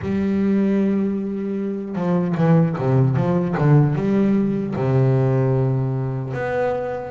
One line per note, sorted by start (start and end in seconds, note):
0.01 1.95 G3
1.95 2.35 F3
2.37 2.76 E3
2.78 3.15 C3
3.15 3.55 F3
3.57 3.95 D3
3.95 4.74 G3
4.76 6.33 C3
6.33 7.11 B3